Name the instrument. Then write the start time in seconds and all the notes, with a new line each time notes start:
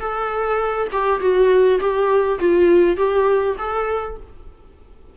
viola
0.00 A4
0.92 G4
1.21 F#4
1.80 G4
2.39 F4
2.97 G4
3.58 A4